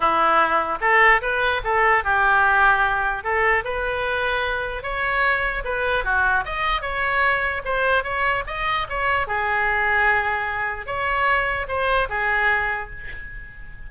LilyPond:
\new Staff \with { instrumentName = "oboe" } { \time 4/4 \tempo 4 = 149 e'2 a'4 b'4 | a'4 g'2. | a'4 b'2. | cis''2 b'4 fis'4 |
dis''4 cis''2 c''4 | cis''4 dis''4 cis''4 gis'4~ | gis'2. cis''4~ | cis''4 c''4 gis'2 | }